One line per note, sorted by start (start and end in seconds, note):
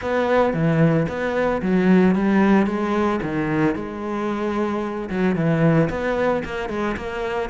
0.01 0.53 B3
0.53 1.07 E3
1.08 1.61 B3
1.61 2.15 F#3
2.15 2.66 G3
2.66 3.19 G#3
3.22 3.75 D#3
3.75 5.09 G#3
5.09 5.35 F#3
5.35 5.89 E3
5.89 6.43 B3
6.44 6.69 A#3
6.69 6.95 G#3
6.96 7.49 A#3